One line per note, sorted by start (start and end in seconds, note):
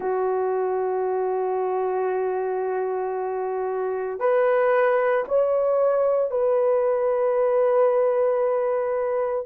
0.00 4.19 F#4
4.19 5.24 B4
5.28 6.30 C#5
6.30 9.46 B4